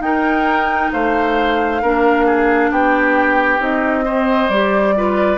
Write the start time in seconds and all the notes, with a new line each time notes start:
0.00 D#4 A#4 G5
0.92 A3 C5 F5
1.82 A#3 D4 A#4
2.26 G#4
2.71 B3 G4 G5
3.59 C4 D#4 D#5
4.04 C4 C5
4.49 G3 G4 D5
4.96 F4 B4